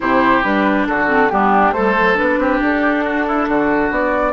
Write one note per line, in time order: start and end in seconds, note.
0.00 0.43 C3
0.00 0.43 E4
0.00 0.88 G4
0.00 0.42 C5
0.42 0.87 G3
0.42 1.07 D4
0.42 0.86 B4
0.87 1.31 D3
0.87 1.32 F#4
0.87 1.29 A4
1.07 1.29 C4
1.29 1.71 G3
1.29 1.74 B3
1.29 1.74 D4
1.29 1.73 G4
1.71 1.97 G3
1.71 2.14 A3
1.71 2.39 A4
1.71 2.16 C5
1.98 2.15 F#3
2.15 2.38 B3
2.15 4.32 D4
2.15 2.61 B4
2.38 2.59 C4
2.38 3.04 G4
2.60 3.47 D4
2.60 3.92 A4
3.04 3.26 F#4
3.27 3.48 E4
3.48 3.90 D3
3.48 4.32 F#4
3.90 4.32 B3
3.90 4.32 D5